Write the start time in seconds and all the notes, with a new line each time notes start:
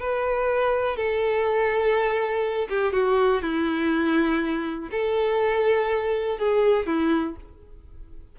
0.00 B4
0.96 A4
2.69 G4
2.93 F#4
3.42 E4
4.91 A4
6.39 G#4
6.87 E4